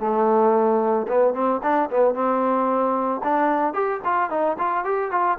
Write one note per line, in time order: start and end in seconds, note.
0.00 1.07 A3
1.08 1.34 B3
1.34 1.61 C4
1.63 1.90 D4
1.91 2.15 B3
2.15 3.22 C4
3.24 3.74 D4
3.74 4.01 G4
4.05 4.31 F4
4.31 4.57 D#4
4.59 4.85 F4
4.85 5.11 G4
5.11 5.38 F4